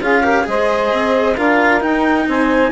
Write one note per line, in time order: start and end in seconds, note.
0.00 0.45 C#4
0.00 0.23 F4
0.00 0.22 G#4
0.00 0.47 F5
0.22 0.44 G4
0.22 0.45 A#4
0.44 0.92 G#3
0.44 1.35 G#4
0.44 1.35 C5
0.44 1.36 D#5
0.92 1.37 C4
1.35 1.83 D4
1.35 1.80 F4
1.35 2.26 A#4
1.35 1.82 F5
1.80 2.71 D#4
1.80 2.27 D#4
1.80 2.27 G5
2.27 2.71 C4
2.27 2.71 C5
2.27 2.71 G#5